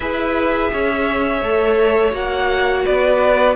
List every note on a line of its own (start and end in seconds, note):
0.00 0.70 E4
0.00 1.44 G#4
0.00 0.71 B4
0.00 2.13 E5
0.72 1.41 C#4
0.72 2.85 C#5
1.41 2.12 A3
1.41 2.11 A4
2.11 2.84 A#3
2.11 3.54 F#4
2.11 2.85 F#5
2.85 3.56 B3
2.85 3.56 B4
2.85 3.56 D5